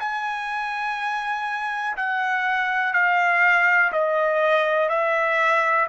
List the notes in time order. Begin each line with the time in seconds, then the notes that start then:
0.00 G#5
1.97 F#5
2.94 F5
3.93 D#5
4.90 E5